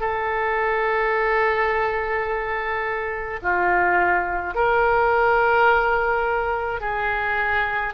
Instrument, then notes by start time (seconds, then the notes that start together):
oboe
0.00 A4
3.42 F4
4.55 A#4
6.81 G#4